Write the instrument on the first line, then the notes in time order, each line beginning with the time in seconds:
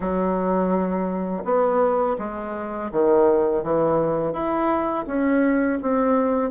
bassoon
0.00 F#3
1.44 B3
2.18 G#3
2.91 D#3
3.63 E3
4.32 E4
5.06 C#4
5.82 C4